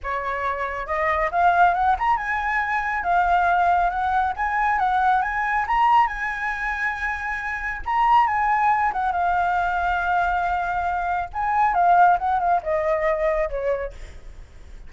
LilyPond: \new Staff \with { instrumentName = "flute" } { \time 4/4 \tempo 4 = 138 cis''2 dis''4 f''4 | fis''8 ais''8 gis''2 f''4~ | f''4 fis''4 gis''4 fis''4 | gis''4 ais''4 gis''2~ |
gis''2 ais''4 gis''4~ | gis''8 fis''8 f''2.~ | f''2 gis''4 f''4 | fis''8 f''8 dis''2 cis''4 | }